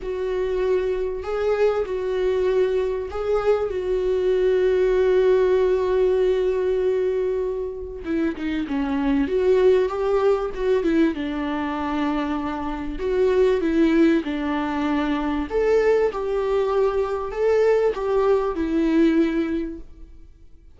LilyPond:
\new Staff \with { instrumentName = "viola" } { \time 4/4 \tempo 4 = 97 fis'2 gis'4 fis'4~ | fis'4 gis'4 fis'2~ | fis'1~ | fis'4 e'8 dis'8 cis'4 fis'4 |
g'4 fis'8 e'8 d'2~ | d'4 fis'4 e'4 d'4~ | d'4 a'4 g'2 | a'4 g'4 e'2 | }